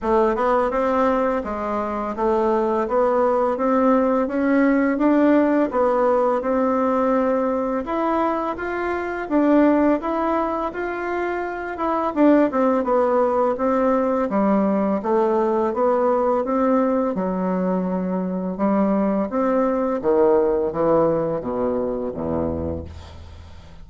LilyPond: \new Staff \with { instrumentName = "bassoon" } { \time 4/4 \tempo 4 = 84 a8 b8 c'4 gis4 a4 | b4 c'4 cis'4 d'4 | b4 c'2 e'4 | f'4 d'4 e'4 f'4~ |
f'8 e'8 d'8 c'8 b4 c'4 | g4 a4 b4 c'4 | fis2 g4 c'4 | dis4 e4 b,4 e,4 | }